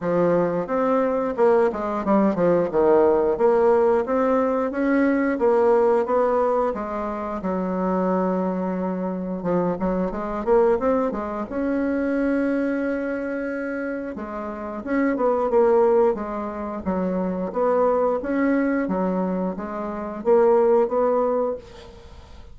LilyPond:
\new Staff \with { instrumentName = "bassoon" } { \time 4/4 \tempo 4 = 89 f4 c'4 ais8 gis8 g8 f8 | dis4 ais4 c'4 cis'4 | ais4 b4 gis4 fis4~ | fis2 f8 fis8 gis8 ais8 |
c'8 gis8 cis'2.~ | cis'4 gis4 cis'8 b8 ais4 | gis4 fis4 b4 cis'4 | fis4 gis4 ais4 b4 | }